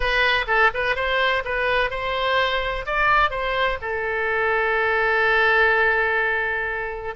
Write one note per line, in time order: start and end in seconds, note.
0.00 0.45 B4
0.47 0.71 A4
0.74 0.95 B4
0.95 1.43 C5
1.44 1.90 B4
1.90 2.85 C5
2.86 3.30 D5
3.30 3.78 C5
3.81 7.14 A4